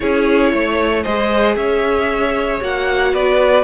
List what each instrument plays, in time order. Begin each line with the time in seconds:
0.00 cello C#4, viola E4, violin G#4 C#5
0.52 cello A3, violin C#5
1.03 cello G#3, viola G#4, violin C5 D#5
1.56 cello C#4, violin C#5 E5
2.60 cello A#3, viola F#4, violin F#5
3.13 cello B3, violin B4 D5